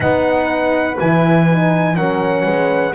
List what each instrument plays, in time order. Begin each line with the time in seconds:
0.00 double bass B3, horn D#4 B4, trumpet F#5
0.99 double bass E3, horn E4, trumpet G#5
1.50 horn D#4
1.95 double bass F#3, horn C#4 A#4, trumpet F#5
2.44 double bass G#3, horn B4